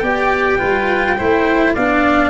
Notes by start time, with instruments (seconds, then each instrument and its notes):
0.00 tuba B3, cello G4, oboe D5, trumpet G5
0.59 tuba G3, cello F4, oboe B4
1.18 tuba A3, cello E4, oboe C5
1.74 tuba B3, cello D4, oboe D5, trumpet F5